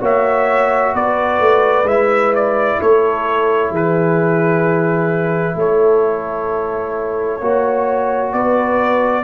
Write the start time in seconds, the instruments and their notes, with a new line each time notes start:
0.00 tuba A#3, trombone F#4, horn C#5, trumpet E5
0.94 tuba B3, horn B4, trumpet D5
1.39 tuba A3
1.83 tuba G#3, trombone E4, trumpet E5
2.34 trumpet D5
2.80 tuba A3, horn A4, trumpet C#5
3.71 tuba E3, horn G#4, trumpet B4
5.55 tuba A3, horn A4, trumpet C#5
7.40 tuba A#3, trombone F#4, horn C#5
8.32 tuba B3, horn B4, trumpet D5